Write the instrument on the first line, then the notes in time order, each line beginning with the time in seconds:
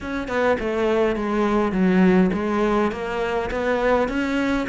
cello
0.00 C#4
0.28 B3
0.59 A3
1.16 G#3
1.72 F#3
2.33 G#3
2.91 A#3
3.51 B3
4.08 C#4